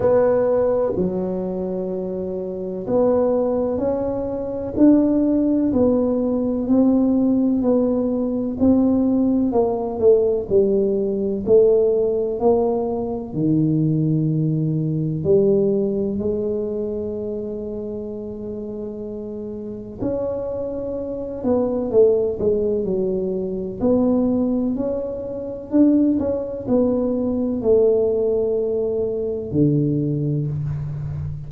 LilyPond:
\new Staff \with { instrumentName = "tuba" } { \time 4/4 \tempo 4 = 63 b4 fis2 b4 | cis'4 d'4 b4 c'4 | b4 c'4 ais8 a8 g4 | a4 ais4 dis2 |
g4 gis2.~ | gis4 cis'4. b8 a8 gis8 | fis4 b4 cis'4 d'8 cis'8 | b4 a2 d4 | }